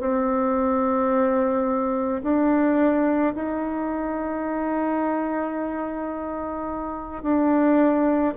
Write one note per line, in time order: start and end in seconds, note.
0.00 2.22 C4
2.23 3.34 D4
3.34 7.23 D#4
7.23 8.34 D4